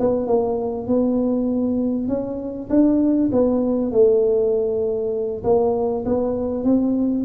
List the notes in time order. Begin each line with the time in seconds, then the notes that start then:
0.00 B3
0.27 A#3
0.88 B3
2.08 C#4
2.70 D4
3.32 B3
3.92 A3
5.44 A#3
6.06 B3
6.64 C4